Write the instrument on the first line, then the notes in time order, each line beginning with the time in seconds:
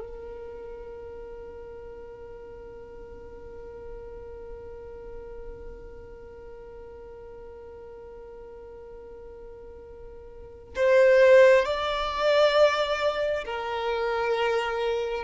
violin
0.00 A#4
10.76 C5
11.66 D5
13.45 A#4